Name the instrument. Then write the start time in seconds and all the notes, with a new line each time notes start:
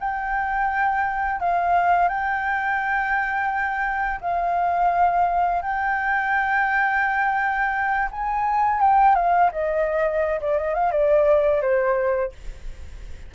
flute
0.00 G5
1.40 F5
2.09 G5
4.21 F5
5.62 G5
8.11 G#5
8.81 G5
9.16 F5
9.53 D#5
10.41 D5
10.59 D#5
10.75 F5
10.92 D5
11.62 C5